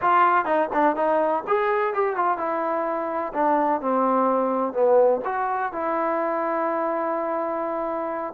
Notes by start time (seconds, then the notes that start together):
0.01 F4
0.45 D#4
0.73 D4
0.95 D#4
1.47 G#4
1.93 G4
2.16 F4
2.37 E4
3.33 D4
3.81 C4
4.73 B3
5.24 F#4
5.72 E4